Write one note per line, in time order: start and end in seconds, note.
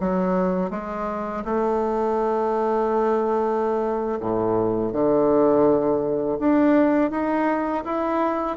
0.00 0.70 F#3
0.70 1.43 G#3
1.45 4.19 A3
4.20 4.92 A2
4.92 6.39 D3
6.39 7.11 D4
7.11 7.84 D#4
7.84 8.57 E4